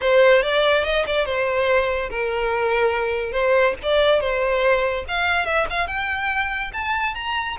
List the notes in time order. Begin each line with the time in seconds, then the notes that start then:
0.01 C5
0.42 D5
0.84 D#5
1.06 D5
1.25 C5
2.10 A#4
3.32 C5
3.82 D5
4.20 C5
5.08 F5
5.45 E5
5.69 F5
5.87 G5
6.73 A5
7.14 A#5